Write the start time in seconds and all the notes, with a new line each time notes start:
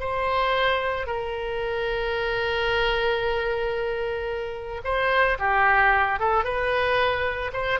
0.00 C5
1.07 A#4
4.85 C5
5.39 G4
6.20 A4
6.45 B4
7.53 C5